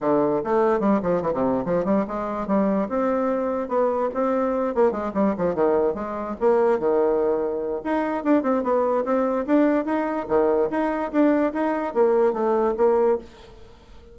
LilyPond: \new Staff \with { instrumentName = "bassoon" } { \time 4/4 \tempo 4 = 146 d4 a4 g8 f8 e16 c8. | f8 g8 gis4 g4 c'4~ | c'4 b4 c'4. ais8 | gis8 g8 f8 dis4 gis4 ais8~ |
ais8 dis2~ dis8 dis'4 | d'8 c'8 b4 c'4 d'4 | dis'4 dis4 dis'4 d'4 | dis'4 ais4 a4 ais4 | }